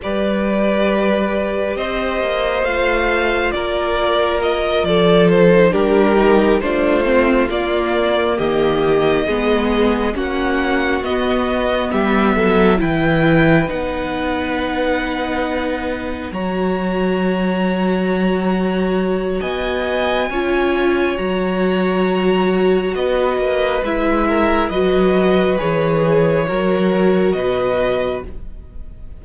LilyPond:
<<
  \new Staff \with { instrumentName = "violin" } { \time 4/4 \tempo 4 = 68 d''2 dis''4 f''4 | d''4 dis''8 d''8 c''8 ais'4 c''8~ | c''8 d''4 dis''2 fis''8~ | fis''8 dis''4 e''4 g''4 fis''8~ |
fis''2~ fis''8 ais''4.~ | ais''2 gis''2 | ais''2 dis''4 e''4 | dis''4 cis''2 dis''4 | }
  \new Staff \with { instrumentName = "violin" } { \time 4/4 b'2 c''2 | ais'4. a'4 g'4 f'8~ | f'4. g'4 gis'4 fis'8~ | fis'4. g'8 a'8 b'4.~ |
b'2~ b'8 cis''4.~ | cis''2 dis''4 cis''4~ | cis''2 b'4. ais'8 | b'2 ais'4 b'4 | }
  \new Staff \with { instrumentName = "viola" } { \time 4/4 g'2. f'4~ | f'2~ f'16 dis'16 d'8 dis'8 d'8 | c'8 ais2 b4 cis'8~ | cis'8 b2 e'4 dis'8~ |
dis'2~ dis'8 fis'4.~ | fis'2. f'4 | fis'2. e'4 | fis'4 gis'4 fis'2 | }
  \new Staff \with { instrumentName = "cello" } { \time 4/4 g2 c'8 ais8 a4 | ais4. f4 g4 a8~ | a8 ais4 dis4 gis4 ais8~ | ais8 b4 g8 fis8 e4 b8~ |
b2~ b8 fis4.~ | fis2 b4 cis'4 | fis2 b8 ais8 gis4 | fis4 e4 fis4 b,4 | }
>>